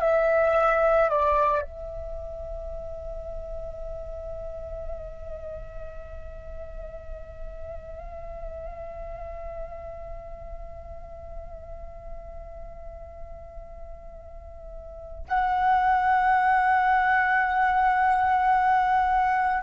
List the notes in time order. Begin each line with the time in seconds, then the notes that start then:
0.00 E5
1.09 D5
1.62 E5
15.28 F#5